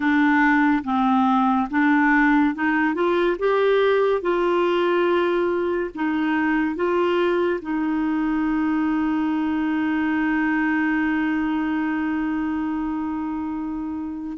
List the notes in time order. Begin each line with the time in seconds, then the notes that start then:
0.00 D4
0.83 C4
1.70 D4
2.55 D#4
2.94 F4
3.38 G4
4.21 F4
5.95 D#4
6.75 F4
7.61 D#4